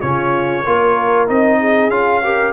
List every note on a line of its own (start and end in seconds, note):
0.00 0.65 C#3
0.00 0.64 C#4
0.00 0.64 F4
0.00 1.26 C#5
0.65 1.29 A#3
0.65 1.27 F4
0.65 1.59 A#4
1.27 1.89 C4
1.27 1.90 D#4
1.27 1.90 D#5
1.59 2.22 G#4
1.89 2.52 C#4
1.89 2.22 F4
1.89 2.52 F5
2.23 2.52 G4
2.23 2.52 A#4